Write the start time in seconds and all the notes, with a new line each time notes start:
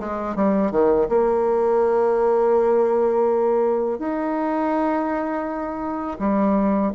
0.00 G#3
0.36 G3
0.71 D#3
1.09 A#3
3.99 D#4
6.20 G3